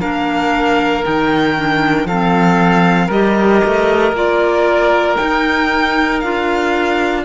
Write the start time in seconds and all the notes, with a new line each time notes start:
0.00 A#3 D4 A#4 F5
1.03 D#3 D#4 G5
1.56 D4
2.05 F3 C4 A4 F5
3.07 G3 G4 A#4 D#5
3.65 A3
4.12 A#3 F4 D5
5.17 D#4 G5
6.20 D4 F4 F5